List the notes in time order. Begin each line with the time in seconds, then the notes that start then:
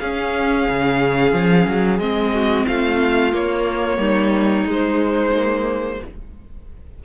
0.00 C#4 G#4 F5
0.69 C#3
1.33 F3
1.67 F#3
1.99 G#3 C4 D#5
2.33 F#4
2.67 A3 F4 F5
3.32 A#3 C#5
3.98 G3 D#4
4.65 G#3 C5
5.36 A#3